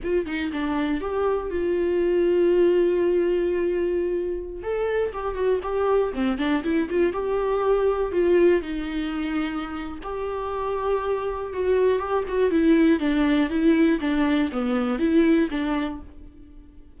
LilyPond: \new Staff \with { instrumentName = "viola" } { \time 4/4 \tempo 4 = 120 f'8 dis'8 d'4 g'4 f'4~ | f'1~ | f'4~ f'16 a'4 g'8 fis'8 g'8.~ | g'16 c'8 d'8 e'8 f'8 g'4.~ g'16~ |
g'16 f'4 dis'2~ dis'8. | g'2. fis'4 | g'8 fis'8 e'4 d'4 e'4 | d'4 b4 e'4 d'4 | }